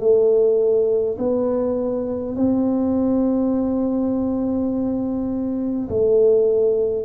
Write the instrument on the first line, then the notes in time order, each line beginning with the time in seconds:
tuba
0.00 A3
1.19 B3
2.36 C4
5.89 A3